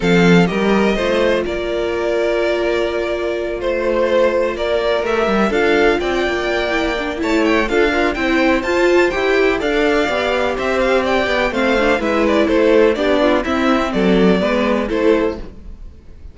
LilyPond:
<<
  \new Staff \with { instrumentName = "violin" } { \time 4/4 \tempo 4 = 125 f''4 dis''2 d''4~ | d''2.~ d''8 c''8~ | c''4. d''4 e''4 f''8~ | f''8 g''2~ g''8 a''8 g''8 |
f''4 g''4 a''4 g''4 | f''2 e''8 f''8 g''4 | f''4 e''8 d''8 c''4 d''4 | e''4 d''2 c''4 | }
  \new Staff \with { instrumentName = "violin" } { \time 4/4 a'4 ais'4 c''4 ais'4~ | ais'2.~ ais'8 c''8~ | c''4. ais'2 a'8~ | a'8 d''2~ d''8 cis''4 |
a'8 f'8 c''2. | d''2 c''4 d''4 | c''4 b'4 a'4 g'8 f'8 | e'4 a'4 b'4 a'4 | }
  \new Staff \with { instrumentName = "viola" } { \time 4/4 c'4 g'4 f'2~ | f'1~ | f'2~ f'8 g'4 f'8~ | f'2 e'8 d'8 e'4 |
f'8 ais'8 e'4 f'4 g'4 | a'4 g'2. | c'8 d'8 e'2 d'4 | c'2 b4 e'4 | }
  \new Staff \with { instrumentName = "cello" } { \time 4/4 f4 g4 a4 ais4~ | ais2.~ ais8 a8~ | a4. ais4 a8 g8 d'8~ | d'8 c'8 ais2 a4 |
d'4 c'4 f'4 e'4 | d'4 b4 c'4. b8 | a4 gis4 a4 b4 | c'4 fis4 gis4 a4 | }
>>